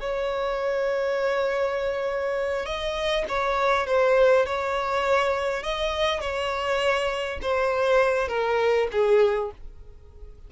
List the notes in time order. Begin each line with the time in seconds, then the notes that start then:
0.00 C#5
2.65 D#5
3.28 C#5
3.86 C5
4.46 C#5
5.63 D#5
6.20 C#5
7.41 C5
8.28 A#4
8.91 G#4